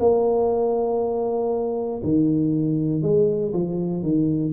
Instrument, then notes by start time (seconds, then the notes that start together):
tuba
0.00 A#3
2.04 D#3
3.03 G#3
3.54 F3
4.03 D#3